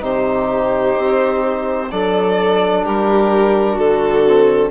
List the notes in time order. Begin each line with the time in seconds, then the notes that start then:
0.00 C3 D#4 G4 C5
0.97 C4
1.91 F#3 D4 A4 D5
2.85 G3 G4 A#4
3.73 D3 F#4 A4
4.25 C4